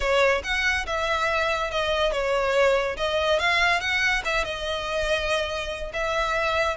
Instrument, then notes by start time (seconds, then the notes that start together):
violin
0.00 C#5
0.43 F#5
0.86 E5
1.71 D#5
2.11 C#5
2.97 D#5
3.39 F5
3.80 F#5
4.24 E5
4.44 D#5
5.93 E5